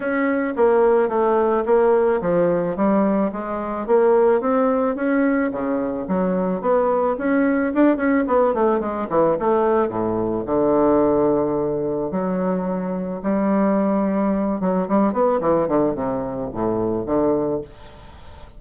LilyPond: \new Staff \with { instrumentName = "bassoon" } { \time 4/4 \tempo 4 = 109 cis'4 ais4 a4 ais4 | f4 g4 gis4 ais4 | c'4 cis'4 cis4 fis4 | b4 cis'4 d'8 cis'8 b8 a8 |
gis8 e8 a4 a,4 d4~ | d2 fis2 | g2~ g8 fis8 g8 b8 | e8 d8 c4 a,4 d4 | }